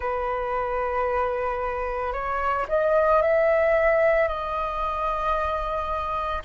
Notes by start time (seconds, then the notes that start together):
0.00 B4
2.12 C#5
2.68 D#5
3.21 E5
4.28 D#5